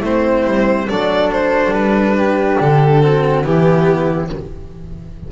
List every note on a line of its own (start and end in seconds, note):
0.00 0.44 A3
0.00 0.88 C4
0.00 0.86 E4
0.00 0.89 C5
0.45 0.88 G3
0.88 1.71 F#3
0.88 3.01 D4
0.88 2.17 A4
0.88 1.31 D5
1.31 1.73 C5
1.71 2.57 G3
1.71 2.59 B4
2.17 3.02 G4
2.60 3.44 D3
2.60 3.45 A4
3.01 3.44 C4
3.01 3.45 F#4
3.44 4.30 E3
3.44 4.29 B3
3.44 4.31 E4
3.44 4.30 G4